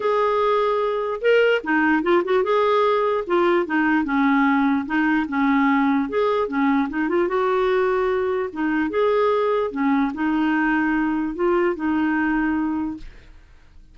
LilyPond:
\new Staff \with { instrumentName = "clarinet" } { \time 4/4 \tempo 4 = 148 gis'2. ais'4 | dis'4 f'8 fis'8 gis'2 | f'4 dis'4 cis'2 | dis'4 cis'2 gis'4 |
cis'4 dis'8 f'8 fis'2~ | fis'4 dis'4 gis'2 | cis'4 dis'2. | f'4 dis'2. | }